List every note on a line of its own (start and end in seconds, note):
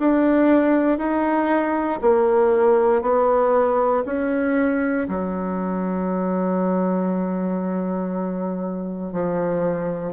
0.00 0.98 D4
0.98 2.00 D#4
2.02 3.02 A#3
3.02 4.04 B3
4.06 5.08 C#4
5.08 9.13 F#3
9.13 10.14 F3